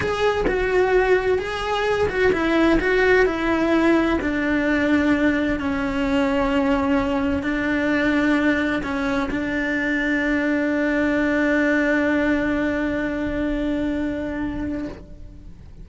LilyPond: \new Staff \with { instrumentName = "cello" } { \time 4/4 \tempo 4 = 129 gis'4 fis'2 gis'4~ | gis'8 fis'8 e'4 fis'4 e'4~ | e'4 d'2. | cis'1 |
d'2. cis'4 | d'1~ | d'1~ | d'1 | }